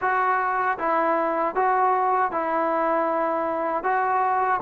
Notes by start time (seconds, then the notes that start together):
0.01 F#4
0.78 E4
1.55 F#4
2.31 E4
3.83 F#4